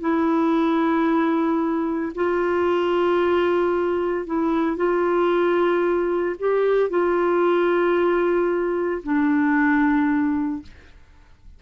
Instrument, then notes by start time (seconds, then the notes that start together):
clarinet
0.00 E4
2.15 F4
4.26 E4
4.76 F4
6.39 G4
6.89 F4
9.03 D4